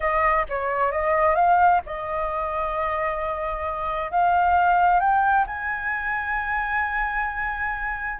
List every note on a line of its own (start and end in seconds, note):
0.00 0.45 D#5
0.49 0.91 C#5
0.91 1.35 D#5
1.35 1.80 F5
1.86 4.11 D#5
4.11 5.00 F5
5.00 5.45 G5
5.46 8.19 G#5